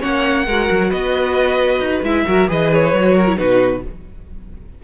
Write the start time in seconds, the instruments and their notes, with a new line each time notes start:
0.00 cello A#3, viola C#4, violin C#5 F#5
0.45 cello G#3, viola F#4, violin A#4
0.71 cello F#3
0.90 cello B3, violin B4 D#5
1.79 cello D#4
2.03 cello G#3, viola E4, violin E5
2.26 cello F#3, viola F#4, violin A#4
2.47 cello E3, viola G#4, violin B4 D#5
2.74 violin C#5
2.93 cello F#3, viola F#4
3.15 violin A#4
3.28 viola E4
3.36 cello B2, viola D#4, violin F#4 B4